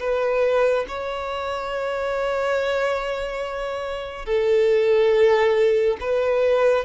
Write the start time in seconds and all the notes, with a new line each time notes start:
0.00 B4
0.88 C#5
4.26 A4
6.00 B4